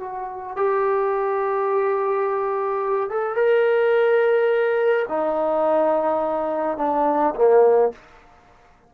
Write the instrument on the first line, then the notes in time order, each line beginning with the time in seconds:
trombone
0.00 F#4
0.57 G4
3.10 A4
3.36 A#4
5.09 D#4
6.78 D4
7.35 A#3